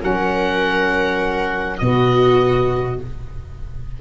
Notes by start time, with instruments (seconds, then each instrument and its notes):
0.00 tuba F#3, saxophone C#4, viola A#4, oboe F#5
1.79 tuba B2, saxophone B3, viola F#4, oboe D#5